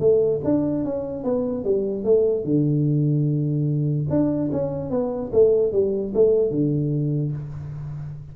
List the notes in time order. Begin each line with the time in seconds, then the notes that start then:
0.00 A3
0.44 D4
0.85 C#4
1.24 B3
1.64 G3
2.04 A3
2.44 D3
4.10 D4
4.52 C#4
4.90 B3
5.33 A3
5.72 G3
6.14 A3
6.51 D3